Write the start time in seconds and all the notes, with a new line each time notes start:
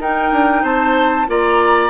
0.00 D#4 A#4 G5
0.32 D4
0.63 C4 C5 A5
1.28 A#3 F4 D5 A#5